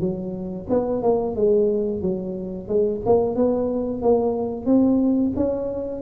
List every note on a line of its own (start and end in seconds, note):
0.00 0.67 F#3
0.70 1.02 B3
1.02 1.36 A#3
1.36 2.02 G#3
2.02 2.68 F#3
2.68 3.01 G#3
3.05 3.36 A#3
3.36 4.02 B3
4.02 4.66 A#3
4.66 5.32 C4
5.36 6.02 C#4